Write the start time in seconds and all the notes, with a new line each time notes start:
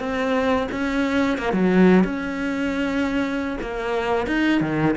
0.00 C4
0.72 C#4
1.39 A#3
1.53 F#3
2.04 C#4
3.62 A#3
4.27 D#4
4.61 D#3